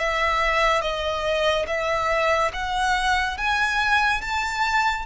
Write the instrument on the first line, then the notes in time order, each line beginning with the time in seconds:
violin
0.00 E5
0.82 D#5
1.67 E5
2.54 F#5
3.38 G#5
4.22 A5